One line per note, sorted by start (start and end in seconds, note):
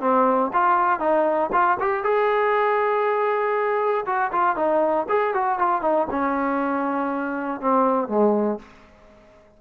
0.00 0.50 C4
0.53 0.99 F4
0.99 1.50 D#4
1.52 1.77 F4
1.79 2.03 G4
2.03 4.05 G#4
4.06 4.31 F#4
4.32 4.56 F4
4.56 5.06 D#4
5.08 5.34 G#4
5.34 5.59 F#4
5.59 5.81 F4
5.81 6.07 D#4
6.10 7.60 C#4
7.60 8.08 C4
8.08 8.58 G#3